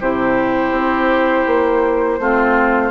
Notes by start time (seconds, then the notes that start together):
0.00 C3 E4 G4 C5
0.71 C4
1.46 A#3
2.19 A3 C4 F4